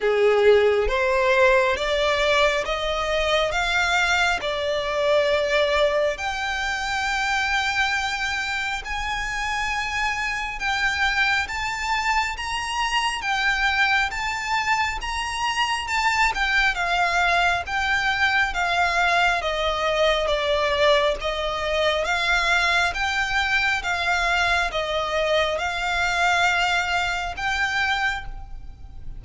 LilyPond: \new Staff \with { instrumentName = "violin" } { \time 4/4 \tempo 4 = 68 gis'4 c''4 d''4 dis''4 | f''4 d''2 g''4~ | g''2 gis''2 | g''4 a''4 ais''4 g''4 |
a''4 ais''4 a''8 g''8 f''4 | g''4 f''4 dis''4 d''4 | dis''4 f''4 g''4 f''4 | dis''4 f''2 g''4 | }